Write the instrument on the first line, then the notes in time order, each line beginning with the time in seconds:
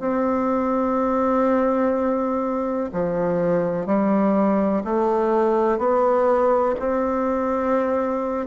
bassoon
0.00 C4
2.93 F3
3.86 G3
4.84 A3
5.78 B3
6.80 C4